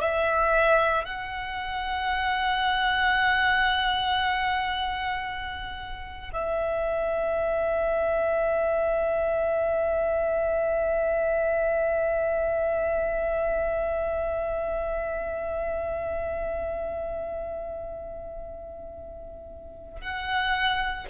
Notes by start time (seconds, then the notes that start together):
0.00 E5
1.05 F#5
6.33 E5
20.00 F#5